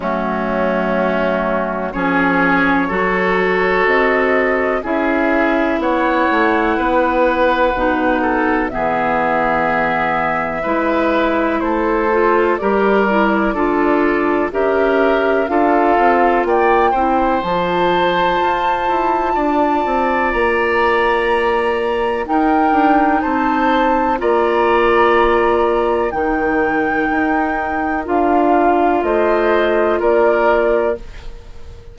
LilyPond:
<<
  \new Staff \with { instrumentName = "flute" } { \time 4/4 \tempo 4 = 62 fis'2 cis''2 | dis''4 e''4 fis''2~ | fis''4 e''2. | c''4 d''2 e''4 |
f''4 g''4 a''2~ | a''4 ais''2 g''4 | a''4 ais''2 g''4~ | g''4 f''4 dis''4 d''4 | }
  \new Staff \with { instrumentName = "oboe" } { \time 4/4 cis'2 gis'4 a'4~ | a'4 gis'4 cis''4 b'4~ | b'8 a'8 gis'2 b'4 | a'4 ais'4 a'4 ais'4 |
a'4 d''8 c''2~ c''8 | d''2. ais'4 | c''4 d''2 ais'4~ | ais'2 c''4 ais'4 | }
  \new Staff \with { instrumentName = "clarinet" } { \time 4/4 a2 cis'4 fis'4~ | fis'4 e'2. | dis'4 b2 e'4~ | e'8 f'8 g'8 e'8 f'4 g'4 |
f'4. e'8 f'2~ | f'2. dis'4~ | dis'4 f'2 dis'4~ | dis'4 f'2. | }
  \new Staff \with { instrumentName = "bassoon" } { \time 4/4 fis2 f4 fis4 | c'4 cis'4 b8 a8 b4 | b,4 e2 gis4 | a4 g4 d'4 cis'4 |
d'8 c'8 ais8 c'8 f4 f'8 e'8 | d'8 c'8 ais2 dis'8 d'8 | c'4 ais2 dis4 | dis'4 d'4 a4 ais4 | }
>>